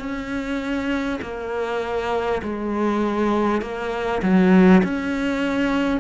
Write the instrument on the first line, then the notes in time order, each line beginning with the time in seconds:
cello
0.00 C#4
1.22 A#3
2.43 G#3
3.62 A#3
4.23 F#3
4.84 C#4